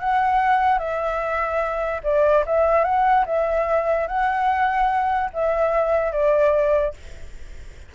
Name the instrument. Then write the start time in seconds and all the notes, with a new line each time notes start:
flute
0.00 F#5
0.79 E5
2.03 D5
2.46 E5
2.84 F#5
3.26 E5
4.08 F#5
5.33 E5
6.12 D5